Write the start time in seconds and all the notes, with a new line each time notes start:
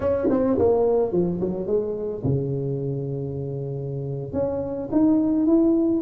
0.00 C#4
0.30 C4
0.58 A#3
1.12 F3
1.40 F#3
1.66 G#3
2.23 C#3
4.33 C#4
4.91 D#4
5.46 E4